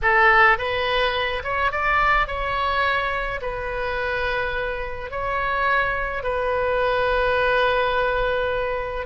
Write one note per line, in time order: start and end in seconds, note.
0.02 0.58 A4
0.58 1.43 B4
1.43 1.71 C#5
1.71 2.27 D5
2.27 3.40 C#5
3.41 5.10 B4
5.10 6.23 C#5
6.23 9.06 B4